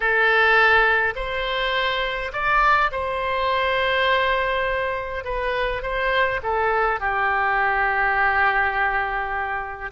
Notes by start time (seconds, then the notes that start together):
0.00 A4
1.15 C5
2.32 D5
2.91 C5
5.24 B4
5.82 C5
6.42 A4
7.00 G4